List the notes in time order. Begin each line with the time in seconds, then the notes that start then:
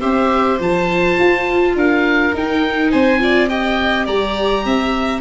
0.00 C4 G4 C5 E5
0.59 F3 F4 A5
1.19 F4
1.75 D4 A#4 F5
2.34 D#4 G5
2.91 C4 C5 G#5
3.20 F4 D5
3.49 G4 D#5 G5
4.06 G3 D5 A#5
4.65 C4 E5